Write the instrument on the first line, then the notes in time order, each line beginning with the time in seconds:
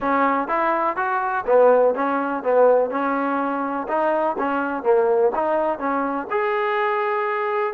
trombone
0.00 C#4
0.48 E4
0.96 F#4
1.46 B3
1.95 C#4
2.43 B3
2.90 C#4
3.88 D#4
4.38 C#4
4.83 A#3
5.35 D#4
5.78 C#4
6.30 G#4